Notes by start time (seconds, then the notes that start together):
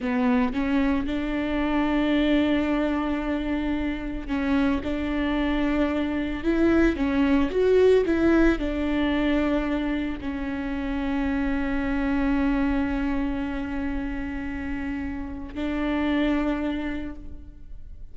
0.00 B3
0.53 C#4
1.06 D4
4.27 C#4
4.83 D4
6.43 E4
6.96 C#4
7.50 F#4
8.05 E4
8.58 D4
10.20 C#4
15.54 D4